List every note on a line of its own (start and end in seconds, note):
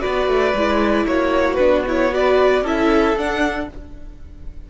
0.00 0.53 F#4
0.00 1.07 B4
0.00 1.07 D5
0.06 0.28 B3
0.28 0.54 A3
0.55 1.06 G#3
0.55 1.59 E4
1.06 1.58 A#3
1.06 2.14 F#4
1.06 1.55 C#5
1.55 2.63 B3
1.55 1.86 D4
1.55 1.81 B4
1.87 2.12 E4
1.87 2.14 C#5
2.12 2.64 F#4
2.12 2.64 B4
2.12 2.67 D5
2.63 3.15 C#4
2.63 3.18 E4
2.63 3.69 A4
2.63 3.18 E5
3.16 3.69 D4
3.16 3.70 D4
3.16 3.71 F#5